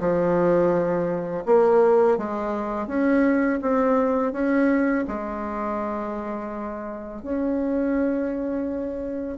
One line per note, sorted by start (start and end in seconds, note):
0.00 1.45 F3
1.46 2.18 A#3
2.18 2.88 G#3
2.88 3.60 C#4
3.62 4.33 C4
4.33 5.05 C#4
5.08 7.23 G#3
7.23 9.38 C#4